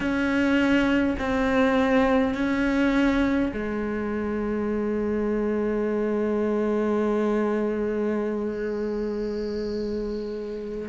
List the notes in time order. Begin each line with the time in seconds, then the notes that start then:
0.00 C#4
1.18 C4
2.34 C#4
3.53 G#3